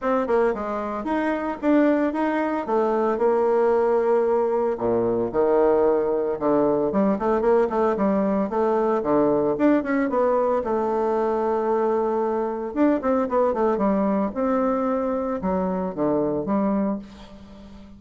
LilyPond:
\new Staff \with { instrumentName = "bassoon" } { \time 4/4 \tempo 4 = 113 c'8 ais8 gis4 dis'4 d'4 | dis'4 a4 ais2~ | ais4 ais,4 dis2 | d4 g8 a8 ais8 a8 g4 |
a4 d4 d'8 cis'8 b4 | a1 | d'8 c'8 b8 a8 g4 c'4~ | c'4 fis4 d4 g4 | }